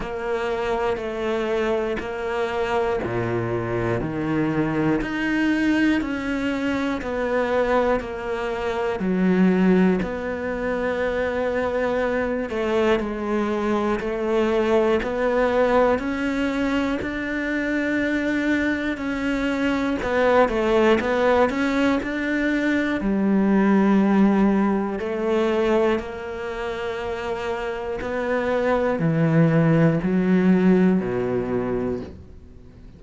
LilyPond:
\new Staff \with { instrumentName = "cello" } { \time 4/4 \tempo 4 = 60 ais4 a4 ais4 ais,4 | dis4 dis'4 cis'4 b4 | ais4 fis4 b2~ | b8 a8 gis4 a4 b4 |
cis'4 d'2 cis'4 | b8 a8 b8 cis'8 d'4 g4~ | g4 a4 ais2 | b4 e4 fis4 b,4 | }